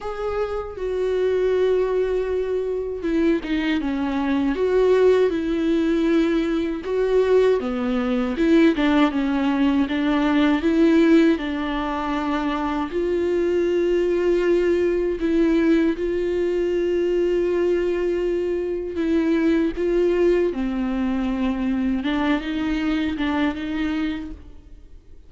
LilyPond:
\new Staff \with { instrumentName = "viola" } { \time 4/4 \tempo 4 = 79 gis'4 fis'2. | e'8 dis'8 cis'4 fis'4 e'4~ | e'4 fis'4 b4 e'8 d'8 | cis'4 d'4 e'4 d'4~ |
d'4 f'2. | e'4 f'2.~ | f'4 e'4 f'4 c'4~ | c'4 d'8 dis'4 d'8 dis'4 | }